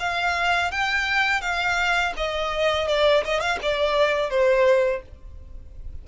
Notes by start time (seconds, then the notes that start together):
0.00 F5
0.72 G5
1.41 F5
2.17 D#5
2.88 D5
3.25 D#5
3.41 F5
3.63 D5
4.30 C5